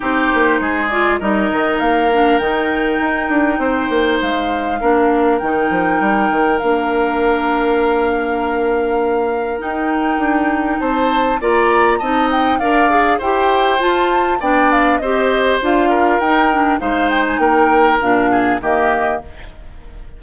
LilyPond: <<
  \new Staff \with { instrumentName = "flute" } { \time 4/4 \tempo 4 = 100 c''4. d''8 dis''4 f''4 | g''2. f''4~ | f''4 g''2 f''4~ | f''1 |
g''2 a''4 ais''4 | a''8 g''8 f''4 g''4 a''4 | g''8 f''8 dis''4 f''4 g''4 | f''8 g''16 gis''16 g''4 f''4 dis''4 | }
  \new Staff \with { instrumentName = "oboe" } { \time 4/4 g'4 gis'4 ais'2~ | ais'2 c''2 | ais'1~ | ais'1~ |
ais'2 c''4 d''4 | dis''4 d''4 c''2 | d''4 c''4. ais'4. | c''4 ais'4. gis'8 g'4 | }
  \new Staff \with { instrumentName = "clarinet" } { \time 4/4 dis'4. f'8 dis'4. d'8 | dis'1 | d'4 dis'2 d'4~ | d'1 |
dis'2. f'4 | dis'4 ais'8 gis'8 g'4 f'4 | d'4 g'4 f'4 dis'8 d'8 | dis'2 d'4 ais4 | }
  \new Staff \with { instrumentName = "bassoon" } { \time 4/4 c'8 ais8 gis4 g8 dis8 ais4 | dis4 dis'8 d'8 c'8 ais8 gis4 | ais4 dis8 f8 g8 dis8 ais4~ | ais1 |
dis'4 d'4 c'4 ais4 | c'4 d'4 e'4 f'4 | b4 c'4 d'4 dis'4 | gis4 ais4 ais,4 dis4 | }
>>